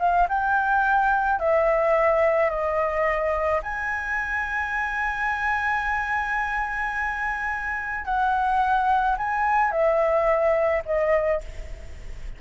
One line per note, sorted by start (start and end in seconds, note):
0.00 0.28 F5
0.29 1.40 G5
1.40 2.50 E5
2.50 3.61 D#5
3.63 8.06 G#5
8.06 9.17 F#5
9.18 9.72 G#5
9.72 10.83 E5
10.86 11.41 D#5